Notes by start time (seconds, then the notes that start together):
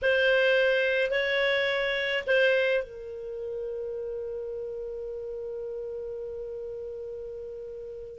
0.02 C5
1.10 C#5
2.26 C5
2.83 A#4